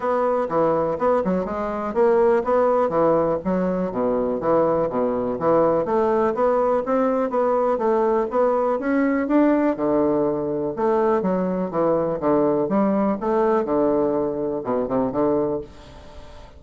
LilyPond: \new Staff \with { instrumentName = "bassoon" } { \time 4/4 \tempo 4 = 123 b4 e4 b8 fis8 gis4 | ais4 b4 e4 fis4 | b,4 e4 b,4 e4 | a4 b4 c'4 b4 |
a4 b4 cis'4 d'4 | d2 a4 fis4 | e4 d4 g4 a4 | d2 b,8 c8 d4 | }